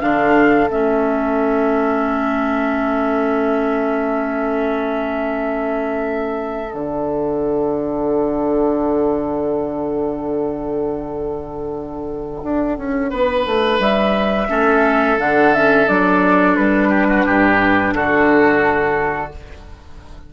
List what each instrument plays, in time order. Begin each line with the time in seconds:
0.00 bassoon D3, clarinet D4, oboe A4, flute F5
0.68 bassoon A3, clarinet C#4, flute E5
6.70 bassoon D3, clarinet D4, flute F#5
12.43 bassoon D4
12.77 bassoon C#4
13.09 bassoon B3, oboe B4
13.46 bassoon A3
13.79 bassoon G3, flute E5
14.48 bassoon A3, clarinet C#4, oboe A4
15.18 bassoon D3, clarinet D4, flute F#5
15.53 clarinet C#4, flute E5
15.86 bassoon F#3, clarinet D4, flute D5
16.55 bassoon G3, flute B4
16.89 oboe G4
17.08 oboe F#4
17.25 bassoon G2, oboe G4
17.93 bassoon D3, oboe F#4, flute A4